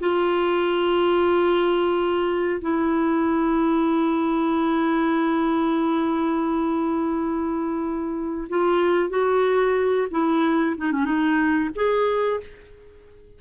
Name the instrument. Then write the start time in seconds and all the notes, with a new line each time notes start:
clarinet
0.00 F4
2.61 E4
8.49 F4
9.10 F#4
10.11 E4
10.77 D#4
10.92 C#4
11.05 D#4
11.75 G#4